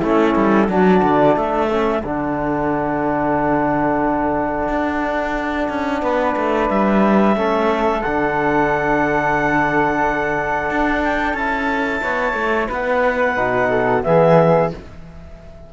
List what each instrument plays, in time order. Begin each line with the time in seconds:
0.00 cello A3, trombone C#4, flute E4, clarinet A4
0.35 cello G3
0.68 cello F#3, trombone D4, flute F#4, clarinet D5
1.02 cello D3
1.36 cello A3, flute A4, clarinet E5
1.69 trombone C#4
2.03 cello D3, trombone D4, clarinet F#5
4.68 cello D4
5.69 cello C#4
6.02 cello B3, flute B4
6.36 cello A3
6.68 cello G3, clarinet E5
7.35 cello A3, trombone C#4, flute A4
8.01 cello D3, trombone D4, clarinet F#5
10.70 cello D4
11.03 clarinet G5
11.33 cello C#4, trombone E4, clarinet A5
12.02 cello B3, flute C#5
12.33 cello A3
12.68 cello B3, flute B4, clarinet F#5
13.35 cello B2, trombone D#4
13.70 flute A4
14.02 cello E3, trombone B3, flute G#4, clarinet E5